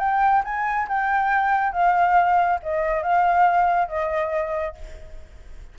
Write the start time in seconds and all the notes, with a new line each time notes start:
0.00 G5
0.45 G#5
0.89 G5
1.73 F5
2.63 D#5
3.03 F5
3.89 D#5